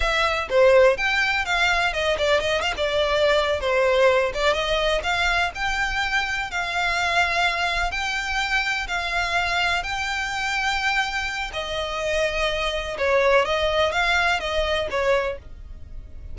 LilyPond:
\new Staff \with { instrumentName = "violin" } { \time 4/4 \tempo 4 = 125 e''4 c''4 g''4 f''4 | dis''8 d''8 dis''8 f''16 d''4.~ d''16 c''8~ | c''4 d''8 dis''4 f''4 g''8~ | g''4. f''2~ f''8~ |
f''8 g''2 f''4.~ | f''8 g''2.~ g''8 | dis''2. cis''4 | dis''4 f''4 dis''4 cis''4 | }